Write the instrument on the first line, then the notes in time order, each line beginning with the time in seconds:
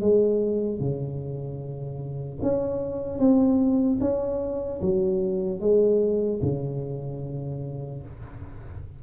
tuba
0.00 G#3
0.80 C#3
2.42 C#4
3.19 C4
4.00 C#4
4.81 F#3
5.60 G#3
6.42 C#3